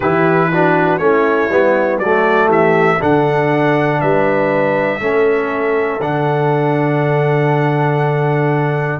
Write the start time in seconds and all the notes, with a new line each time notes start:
0.00 E3 E4 G4 B4
0.52 D4 F#4
0.97 A3 C#4 E4 C#5
1.49 G3 B3
1.98 F#3 A3 F#4 D5
2.46 E3 G4 E5
2.99 D3 D4 A4 F#5
4.00 G3 B4 E5
4.99 A3 C#4 A4
6.00 D3 D4 F#5